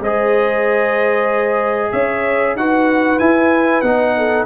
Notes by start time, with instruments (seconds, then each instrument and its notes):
0.00 tuba G#3, trombone G#4, horn C5, trumpet D#5
1.91 tuba C#4, horn C#5, trumpet E5
2.55 tuba D#4, trombone F#4, horn B4, trumpet F#5
3.19 trombone E4, tuba E4, trumpet G#5
3.81 tuba B3, trombone D#4, trumpet F#5
4.17 horn A4